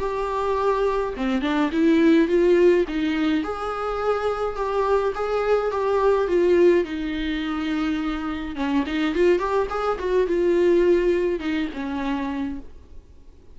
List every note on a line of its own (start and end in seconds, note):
0.00 1.14 G4
1.17 1.42 C4
1.42 1.71 D4
1.72 2.28 E4
2.28 2.85 F4
2.89 3.44 D#4
3.44 4.56 G#4
4.56 5.14 G4
5.15 5.71 G#4
5.71 6.28 G4
6.28 6.85 F4
6.85 8.56 D#4
8.56 8.84 C#4
8.87 9.15 D#4
9.15 9.39 F4
9.39 9.68 G4
9.70 9.99 G#4
9.99 10.28 F#4
10.28 11.40 F4
11.40 11.69 D#4
11.74 12.60 C#4